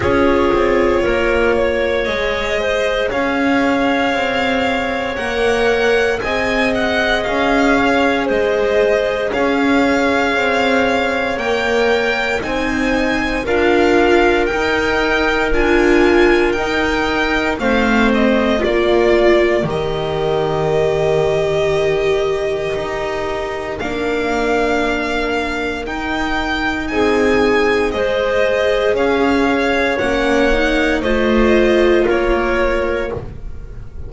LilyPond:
<<
  \new Staff \with { instrumentName = "violin" } { \time 4/4 \tempo 4 = 58 cis''2 dis''4 f''4~ | f''4 fis''4 gis''8 fis''8 f''4 | dis''4 f''2 g''4 | gis''4 f''4 g''4 gis''4 |
g''4 f''8 dis''8 d''4 dis''4~ | dis''2. f''4~ | f''4 g''4 gis''4 dis''4 | f''4 fis''4 dis''4 cis''4 | }
  \new Staff \with { instrumentName = "clarinet" } { \time 4/4 gis'4 ais'8 cis''4 c''8 cis''4~ | cis''2 dis''4. cis''8 | c''4 cis''2. | c''4 ais'2.~ |
ais'4 c''4 ais'2~ | ais'1~ | ais'2 gis'4 c''4 | cis''2 c''4 ais'4 | }
  \new Staff \with { instrumentName = "viola" } { \time 4/4 f'2 gis'2~ | gis'4 ais'4 gis'2~ | gis'2. ais'4 | dis'4 f'4 dis'4 f'4 |
dis'4 c'4 f'4 g'4~ | g'2. d'4~ | d'4 dis'2 gis'4~ | gis'4 cis'8 dis'8 f'2 | }
  \new Staff \with { instrumentName = "double bass" } { \time 4/4 cis'8 c'8 ais4 gis4 cis'4 | c'4 ais4 c'4 cis'4 | gis4 cis'4 c'4 ais4 | c'4 d'4 dis'4 d'4 |
dis'4 a4 ais4 dis4~ | dis2 dis'4 ais4~ | ais4 dis'4 c'4 gis4 | cis'4 ais4 a4 ais4 | }
>>